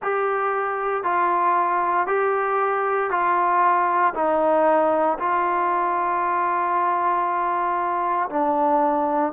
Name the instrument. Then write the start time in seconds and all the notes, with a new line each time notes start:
trombone
0.02 G4
1.03 F4
2.06 G4
3.10 F4
4.14 D#4
5.18 F4
8.29 D4